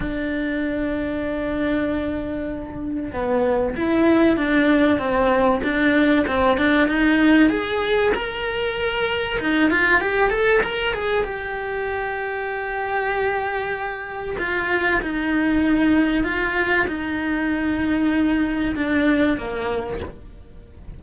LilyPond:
\new Staff \with { instrumentName = "cello" } { \time 4/4 \tempo 4 = 96 d'1~ | d'4 b4 e'4 d'4 | c'4 d'4 c'8 d'8 dis'4 | gis'4 ais'2 dis'8 f'8 |
g'8 a'8 ais'8 gis'8 g'2~ | g'2. f'4 | dis'2 f'4 dis'4~ | dis'2 d'4 ais4 | }